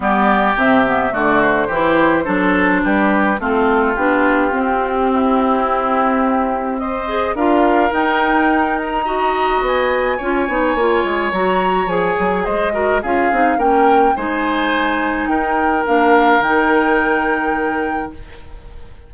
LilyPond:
<<
  \new Staff \with { instrumentName = "flute" } { \time 4/4 \tempo 4 = 106 d''4 e''4 d''8 c''4.~ | c''4 b'4 a'4 g'4~ | g'1 | dis''4 f''4 g''4. ais''8~ |
ais''4 gis''2. | ais''4 gis''4 dis''4 f''4 | g''4 gis''2 g''4 | f''4 g''2. | }
  \new Staff \with { instrumentName = "oboe" } { \time 4/4 g'2 fis'4 g'4 | a'4 g'4 f'2~ | f'4 e'2. | c''4 ais'2. |
dis''2 cis''2~ | cis''2 c''8 ais'8 gis'4 | ais'4 c''2 ais'4~ | ais'1 | }
  \new Staff \with { instrumentName = "clarinet" } { \time 4/4 b4 c'8 b8 a4 e'4 | d'2 c'4 d'4 | c'1~ | c'8 gis'8 f'4 dis'2 |
fis'2 f'8 dis'8 f'4 | fis'4 gis'4. fis'8 f'8 dis'8 | cis'4 dis'2. | d'4 dis'2. | }
  \new Staff \with { instrumentName = "bassoon" } { \time 4/4 g4 c4 d4 e4 | fis4 g4 a4 b4 | c'1~ | c'4 d'4 dis'2~ |
dis'4 b4 cis'8 b8 ais8 gis8 | fis4 f8 fis8 gis4 cis'8 c'8 | ais4 gis2 dis'4 | ais4 dis2. | }
>>